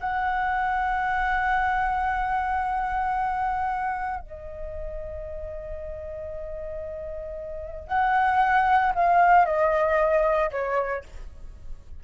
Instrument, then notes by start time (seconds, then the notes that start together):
flute
0.00 F#5
4.20 D#5
7.88 F#5
8.95 F5
9.45 D#5
10.51 C#5